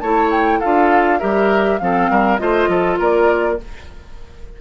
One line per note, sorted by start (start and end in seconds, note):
0.00 0.61 A3
0.00 0.63 E4
0.00 0.60 C#5
0.00 0.30 A5
0.31 0.60 G5
0.60 1.22 D4
0.60 1.20 F4
0.60 1.19 A4
0.60 1.19 F5
1.19 1.81 G3
1.19 1.80 G4
1.19 1.79 A#4
1.19 1.79 E5
1.79 2.10 F3
1.79 2.39 C4
1.79 2.11 A4
1.79 2.38 F5
2.10 2.40 G3
2.10 2.41 A#4
2.38 2.68 A3
2.38 3.58 F4
2.38 2.70 C5
2.38 2.97 D#5
2.68 2.98 F3
2.68 2.99 A4
2.99 3.59 A#3
2.99 3.59 A#4
2.99 3.61 D5